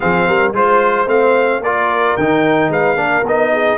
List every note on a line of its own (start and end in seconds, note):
0.00 0.27 F3
0.00 0.53 C4
0.00 0.27 G#4
0.00 0.52 F5
0.27 0.52 G3
0.27 0.54 A#4
0.52 1.06 G#3
0.52 1.06 F4
0.52 1.08 C5
0.52 1.63 C5
1.06 1.60 A3
1.06 1.60 C4
1.06 1.62 F5
1.60 2.14 A#3
1.60 2.19 F4
1.60 2.71 A#4
1.60 2.17 D5
2.17 2.69 D#3
2.17 2.96 D#4
2.17 2.71 G5
2.69 2.94 G#3
2.69 2.96 B4
2.69 3.26 F5
2.94 3.21 A#3
2.94 3.23 D4
2.94 3.50 A#4
3.22 3.76 B3
3.22 3.78 D#4
3.22 3.78 D#5
3.52 3.78 G#4